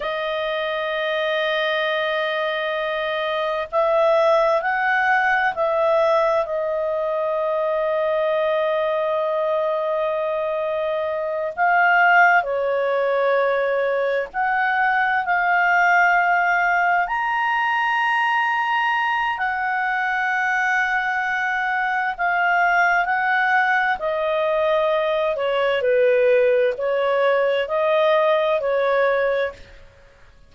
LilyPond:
\new Staff \with { instrumentName = "clarinet" } { \time 4/4 \tempo 4 = 65 dis''1 | e''4 fis''4 e''4 dis''4~ | dis''1~ | dis''8 f''4 cis''2 fis''8~ |
fis''8 f''2 ais''4.~ | ais''4 fis''2. | f''4 fis''4 dis''4. cis''8 | b'4 cis''4 dis''4 cis''4 | }